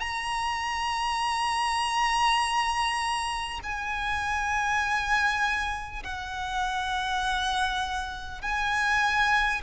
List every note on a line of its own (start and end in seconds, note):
0.00 3.60 A#5
3.63 6.03 G#5
6.04 8.42 F#5
8.42 9.62 G#5